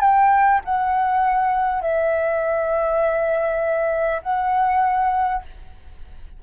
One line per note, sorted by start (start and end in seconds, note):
0.00 0.60 G5
0.65 1.81 F#5
1.81 4.21 E5
4.22 5.42 F#5